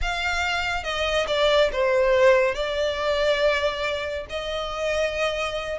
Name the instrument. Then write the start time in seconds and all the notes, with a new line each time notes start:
violin
0.01 F5
0.83 D#5
1.27 D5
1.72 C5
2.54 D5
4.29 D#5